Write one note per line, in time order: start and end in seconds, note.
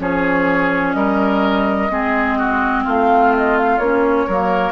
0.00 0.95 F3
0.00 1.90 C#4
0.00 0.96 G#4
0.00 0.94 C#5
0.94 1.90 G3
0.94 1.92 A#4
0.94 2.84 D#5
1.90 2.86 G#3
1.90 3.80 C4
1.90 2.39 G#4
2.39 2.84 F#4
2.84 3.79 A3
2.84 4.26 F4
2.84 3.36 F5
3.37 3.58 D#5
3.58 3.78 F5
3.78 4.27 A#3
3.78 4.29 C#4
3.78 4.72 C#5
4.27 4.72 F#3
4.27 4.72 A#3
4.27 4.72 A#4